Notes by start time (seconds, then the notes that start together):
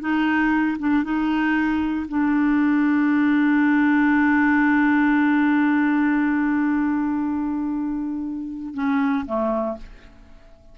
0.00 D#4
0.79 D4
1.03 D#4
2.08 D4
8.74 C#4
9.26 A3